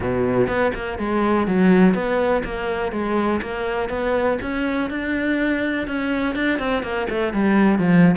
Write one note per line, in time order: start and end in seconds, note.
0.00 0.47 B2
0.47 0.72 B3
0.74 0.98 A#3
0.98 1.47 G#3
1.47 1.94 F#3
1.94 2.43 B3
2.44 2.91 A#3
2.91 3.40 G#3
3.41 3.89 A#3
3.89 4.38 B3
4.41 4.89 C#4
4.89 5.87 D4
5.87 6.35 C#4
6.35 6.58 D4
6.58 6.82 C4
6.82 7.07 A#3
7.09 7.33 A3
7.33 7.78 G3
7.78 8.15 F3